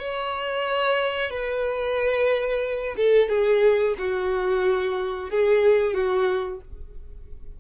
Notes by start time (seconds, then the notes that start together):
0.00 C#5
1.30 B4
2.97 A4
3.29 G#4
3.99 F#4
5.30 G#4
5.94 F#4